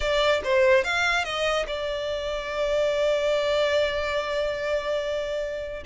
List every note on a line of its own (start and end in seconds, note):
0.00 0.41 D5
0.44 0.84 C5
0.84 1.24 F5
1.24 1.66 D#5
1.67 5.83 D5